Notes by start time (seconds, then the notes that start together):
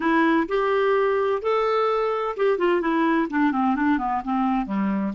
0.00 E4
0.48 G4
1.42 A4
2.37 G4
2.58 F4
2.81 E4
3.29 D4
3.52 C4
3.75 D4
3.98 B3
4.24 C4
4.65 G3